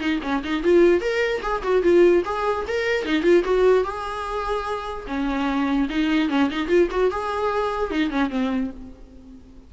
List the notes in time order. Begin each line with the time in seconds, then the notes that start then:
0.00 D#4
0.23 C#4
0.44 D#4
0.64 F4
1.01 A#4
1.43 G#4
1.63 F#4
1.83 F4
2.25 G#4
2.68 A#4
3.06 D#4
3.23 F4
3.45 F#4
3.85 G#4
5.08 C#4
5.90 D#4
6.30 C#4
6.50 D#4
6.69 F4
6.91 F#4
7.11 G#4
7.91 D#4
8.11 C#4
8.30 C4